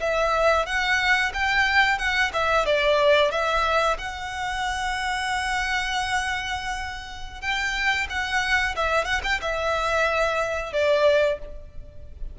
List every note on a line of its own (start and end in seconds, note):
0.00 0.66 E5
0.66 1.32 F#5
1.34 1.98 G5
1.98 2.31 F#5
2.33 2.66 E5
2.66 3.31 D5
3.31 3.97 E5
3.98 7.41 F#5
7.41 8.07 G5
8.09 8.75 F#5
8.76 9.05 E5
9.05 9.21 F#5
9.24 9.40 G5
9.41 10.73 E5
10.73 11.39 D5